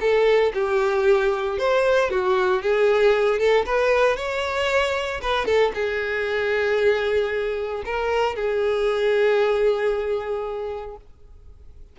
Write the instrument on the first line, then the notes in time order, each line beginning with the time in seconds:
violin
0.00 A4
0.54 G4
1.58 C5
2.10 F#4
2.62 G#4
3.39 A4
3.65 B4
4.16 C#5
5.21 B4
5.45 A4
5.74 G#4
7.85 A#4
8.35 G#4